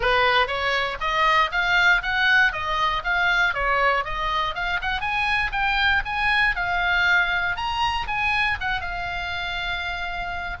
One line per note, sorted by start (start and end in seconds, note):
0.00 0.47 B4
0.47 0.97 C#5
1.00 1.50 D#5
1.51 2.02 F5
2.02 2.52 F#5
2.52 3.03 D#5
3.04 3.54 F5
3.54 4.04 C#5
4.04 4.54 D#5
4.54 4.80 F5
4.81 5.01 F#5
5.01 5.51 G#5
5.52 6.02 G5
6.05 6.55 G#5
6.55 7.56 F5
7.56 8.06 A#5
8.07 8.57 G#5
8.60 8.81 F#5
8.81 10.57 F5